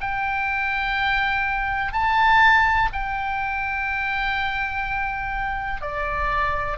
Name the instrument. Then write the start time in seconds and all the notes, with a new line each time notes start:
oboe
0.00 G5
1.93 A5
2.93 G5
5.81 D5